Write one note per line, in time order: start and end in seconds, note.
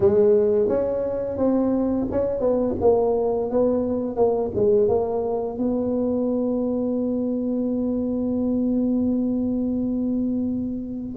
0.00 0.68 G#3
0.68 1.37 C#4
1.37 2.07 C4
2.11 2.39 C#4
2.39 2.74 B3
2.80 3.50 A#3
3.50 4.16 B3
4.16 4.51 A#3
4.55 4.88 G#3
4.88 5.58 A#3
5.58 11.16 B3